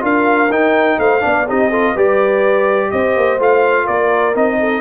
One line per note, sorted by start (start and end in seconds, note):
0.00 0.49 D4
0.00 0.48 F4
0.00 0.98 A#4
0.00 0.51 F5
0.49 0.97 D#4
0.49 1.20 D#4
0.49 0.99 G5
0.98 1.22 A3
0.98 1.23 C5
0.98 1.47 F5
1.20 1.48 B3
1.20 1.44 D4
1.26 1.48 D5
1.47 1.96 C4
1.47 1.71 D#4
1.47 1.69 G4
1.47 1.97 D#5
1.69 1.96 F4
1.69 1.93 A4
1.93 2.92 G3
1.93 3.39 G4
1.93 2.89 B4
1.93 2.91 D5
2.91 3.16 C4
2.91 3.84 C5
2.91 3.39 D#5
3.16 3.39 A#3
3.39 3.87 A3
3.39 4.34 F4
3.39 3.87 F5
3.84 4.35 A#3
3.84 4.56 A#4
3.84 4.35 D5
4.34 4.80 C4
4.34 4.80 D#4
4.34 4.80 D#5
4.59 4.80 A4